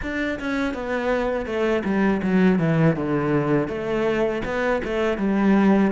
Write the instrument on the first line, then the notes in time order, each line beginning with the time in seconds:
cello
0.02 D4
0.39 C#4
0.74 B3
1.45 A3
1.84 G3
2.22 F#3
2.59 E3
2.96 D3
3.67 A3
4.44 B3
4.84 A3
5.17 G3